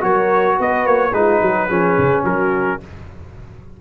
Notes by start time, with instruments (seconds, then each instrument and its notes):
0.00 tuba F#3, trombone F#4, horn A#4, trumpet C#5
0.57 tuba B3, horn B4, trumpet D#5
0.86 tuba A#3, trumpet C#5
1.12 tuba G#3, trombone D#4, horn F4, trumpet B4
1.40 tuba F#3, horn F#4
1.67 tuba F3, trombone C#4, horn G#4
1.98 tuba C#3
2.23 tuba F#3, horn F#4, trumpet A#4